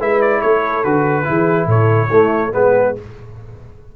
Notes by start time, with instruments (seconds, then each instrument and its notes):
0.00 tuba G#3, trombone E4, horn B4, trumpet E5
0.22 trumpet D5
0.40 tuba A3, horn A4, trumpet C#5
0.84 tuba D3, trombone F#4, trumpet B4
1.24 tuba E3, trombone E4, horn G#4
1.66 tuba A2, horn A4, trumpet C#5
2.08 tuba A3, trombone A3, horn E4
2.53 tuba G#3, trombone B3, horn G#4, trumpet B4